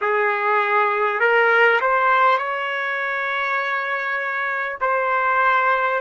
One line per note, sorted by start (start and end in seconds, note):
0.01 1.20 G#4
1.20 1.80 A#4
1.81 2.38 C5
2.38 4.78 C#5
4.81 6.01 C5